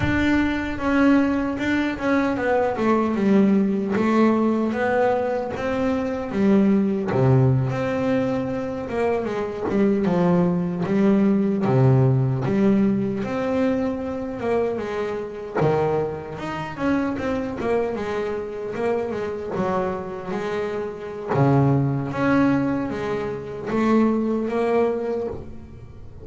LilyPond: \new Staff \with { instrumentName = "double bass" } { \time 4/4 \tempo 4 = 76 d'4 cis'4 d'8 cis'8 b8 a8 | g4 a4 b4 c'4 | g4 c8. c'4. ais8 gis16~ | gis16 g8 f4 g4 c4 g16~ |
g8. c'4. ais8 gis4 dis16~ | dis8. dis'8 cis'8 c'8 ais8 gis4 ais16~ | ais16 gis8 fis4 gis4~ gis16 cis4 | cis'4 gis4 a4 ais4 | }